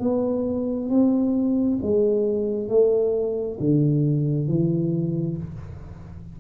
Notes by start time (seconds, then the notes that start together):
0.00 B3
0.90 C4
1.82 G#3
2.69 A3
3.60 D3
4.48 E3